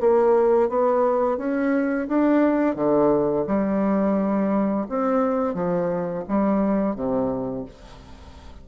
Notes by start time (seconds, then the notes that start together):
0.00 A#3
0.69 B3
1.37 C#4
2.08 D4
2.75 D3
3.47 G3
4.89 C4
5.54 F3
6.28 G3
6.95 C3